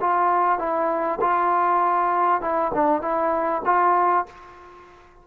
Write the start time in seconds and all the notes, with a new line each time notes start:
0.00 F4
0.59 E4
1.21 F4
2.41 E4
2.74 D4
3.01 E4
3.65 F4